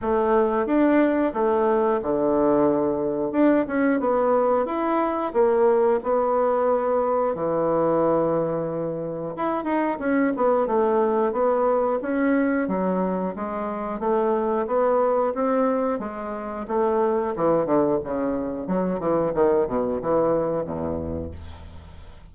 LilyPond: \new Staff \with { instrumentName = "bassoon" } { \time 4/4 \tempo 4 = 90 a4 d'4 a4 d4~ | d4 d'8 cis'8 b4 e'4 | ais4 b2 e4~ | e2 e'8 dis'8 cis'8 b8 |
a4 b4 cis'4 fis4 | gis4 a4 b4 c'4 | gis4 a4 e8 d8 cis4 | fis8 e8 dis8 b,8 e4 e,4 | }